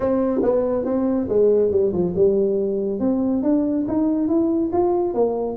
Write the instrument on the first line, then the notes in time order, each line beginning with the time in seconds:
tuba
0.00 C4
0.42 B3
0.85 C4
1.28 G#3
1.71 G3
1.92 F3
2.15 G3
2.99 C4
3.43 D4
3.87 D#4
4.28 E4
4.72 F4
5.14 A#3